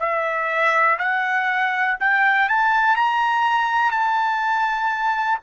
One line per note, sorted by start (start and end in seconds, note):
0.00 0.98 E5
0.99 1.98 F#5
2.00 2.49 G5
2.49 2.96 A5
2.96 3.92 A#5
3.92 5.39 A5